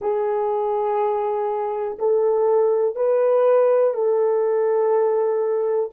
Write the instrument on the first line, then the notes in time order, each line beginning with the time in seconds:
horn
0.01 G#4
1.99 A4
2.95 B4
3.93 A4